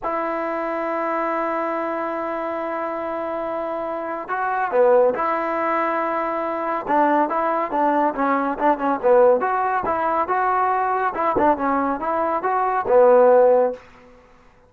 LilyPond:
\new Staff \with { instrumentName = "trombone" } { \time 4/4 \tempo 4 = 140 e'1~ | e'1~ | e'2 fis'4 b4 | e'1 |
d'4 e'4 d'4 cis'4 | d'8 cis'8 b4 fis'4 e'4 | fis'2 e'8 d'8 cis'4 | e'4 fis'4 b2 | }